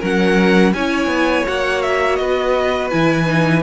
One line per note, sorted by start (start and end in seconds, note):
0.00 0.74 F#3
0.00 0.75 C#4
0.00 0.72 A#4
0.00 0.73 F#5
0.73 1.07 C#4
0.73 1.47 E4
0.73 2.21 C#5
0.73 1.46 G#5
1.07 1.43 B3
1.47 2.19 A#3
1.47 2.91 F#4
1.47 1.82 F#5
1.82 2.16 E5
2.16 2.92 B3
2.16 3.63 B4
2.16 2.88 D#5
2.90 3.63 E3
2.90 3.26 E4
2.90 3.62 G#5
3.26 3.62 D#4